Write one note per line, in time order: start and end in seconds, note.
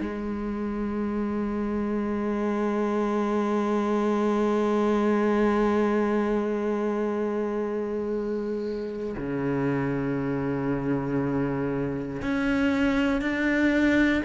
0.00 9.15 G#3
9.16 12.21 C#3
12.21 13.21 C#4
13.21 14.22 D4